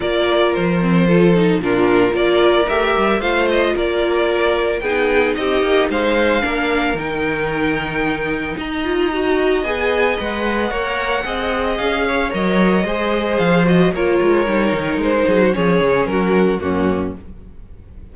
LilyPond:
<<
  \new Staff \with { instrumentName = "violin" } { \time 4/4 \tempo 4 = 112 d''4 c''2 ais'4 | d''4 e''4 f''8 dis''8 d''4~ | d''4 g''4 dis''4 f''4~ | f''4 g''2. |
ais''2 gis''4 fis''4~ | fis''2 f''4 dis''4~ | dis''4 f''8 dis''8 cis''2 | c''4 cis''4 ais'4 fis'4 | }
  \new Staff \with { instrumentName = "violin" } { \time 4/4 ais'2 a'4 f'4 | ais'2 c''4 ais'4~ | ais'4 gis'4 g'4 c''4 | ais'1 |
dis''1 | cis''4 dis''4. cis''4. | c''2 ais'2~ | ais'8 gis'16 fis'16 gis'4 fis'4 cis'4 | }
  \new Staff \with { instrumentName = "viola" } { \time 4/4 f'4. c'8 f'8 dis'8 d'4 | f'4 g'4 f'2~ | f'4 dis'2. | d'4 dis'2.~ |
dis'8 f'8 fis'4 gis'4 b'4 | ais'4 gis'2 ais'4 | gis'4. fis'8 f'4 dis'4~ | dis'4 cis'2 ais4 | }
  \new Staff \with { instrumentName = "cello" } { \time 4/4 ais4 f2 ais,4 | ais4 a8 g8 a4 ais4~ | ais4 b4 c'8 ais8 gis4 | ais4 dis2. |
dis'2 b4 gis4 | ais4 c'4 cis'4 fis4 | gis4 f4 ais8 gis8 g8 dis8 | gis8 fis8 f8 cis8 fis4 fis,4 | }
>>